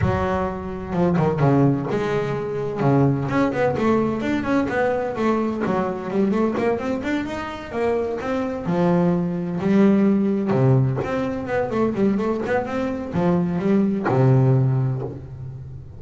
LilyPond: \new Staff \with { instrumentName = "double bass" } { \time 4/4 \tempo 4 = 128 fis2 f8 dis8 cis4 | gis2 cis4 cis'8 b8 | a4 d'8 cis'8 b4 a4 | fis4 g8 a8 ais8 c'8 d'8 dis'8~ |
dis'8 ais4 c'4 f4.~ | f8 g2 c4 c'8~ | c'8 b8 a8 g8 a8 b8 c'4 | f4 g4 c2 | }